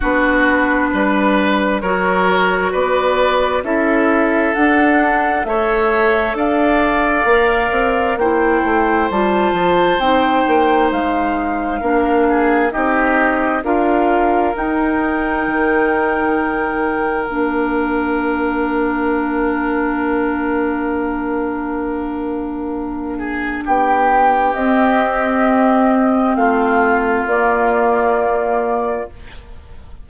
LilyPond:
<<
  \new Staff \with { instrumentName = "flute" } { \time 4/4 \tempo 4 = 66 b'2 cis''4 d''4 | e''4 fis''4 e''4 f''4~ | f''4 g''4 a''4 g''4 | f''2 dis''4 f''4 |
g''2. f''4~ | f''1~ | f''2 g''4 dis''4~ | dis''4 f''4 d''2 | }
  \new Staff \with { instrumentName = "oboe" } { \time 4/4 fis'4 b'4 ais'4 b'4 | a'2 cis''4 d''4~ | d''4 c''2.~ | c''4 ais'8 gis'8 g'4 ais'4~ |
ais'1~ | ais'1~ | ais'4. gis'8 g'2~ | g'4 f'2. | }
  \new Staff \with { instrumentName = "clarinet" } { \time 4/4 d'2 fis'2 | e'4 d'4 a'2 | ais'4 e'4 f'4 dis'4~ | dis'4 d'4 dis'4 f'4 |
dis'2. d'4~ | d'1~ | d'2. c'4~ | c'2 ais2 | }
  \new Staff \with { instrumentName = "bassoon" } { \time 4/4 b4 g4 fis4 b4 | cis'4 d'4 a4 d'4 | ais8 c'8 ais8 a8 g8 f8 c'8 ais8 | gis4 ais4 c'4 d'4 |
dis'4 dis2 ais4~ | ais1~ | ais2 b4 c'4~ | c'4 a4 ais2 | }
>>